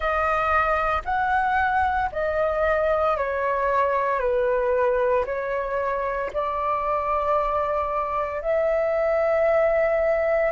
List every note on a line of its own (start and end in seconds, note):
0.00 1.02 D#5
1.04 2.10 F#5
2.11 3.17 D#5
3.17 4.19 C#5
4.19 5.24 B4
5.25 6.30 C#5
6.33 8.41 D5
8.41 10.52 E5